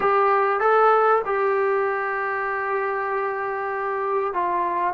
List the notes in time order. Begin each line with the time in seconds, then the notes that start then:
0.00 G4
0.60 A4
1.25 G4
4.33 F4